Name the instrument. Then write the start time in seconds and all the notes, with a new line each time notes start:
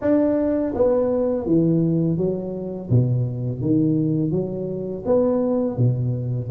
tuba
0.01 D4
0.74 B3
1.46 E3
2.17 F#3
2.90 B2
3.60 D#3
4.31 F#3
5.05 B3
5.77 B2